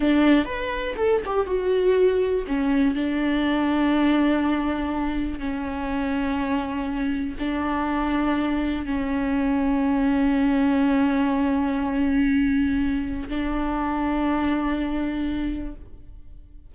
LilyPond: \new Staff \with { instrumentName = "viola" } { \time 4/4 \tempo 4 = 122 d'4 b'4 a'8 g'8 fis'4~ | fis'4 cis'4 d'2~ | d'2. cis'4~ | cis'2. d'4~ |
d'2 cis'2~ | cis'1~ | cis'2. d'4~ | d'1 | }